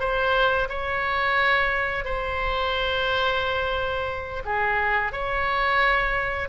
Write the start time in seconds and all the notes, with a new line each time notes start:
0.00 C5
0.69 C#5
2.05 C5
4.45 G#4
5.12 C#5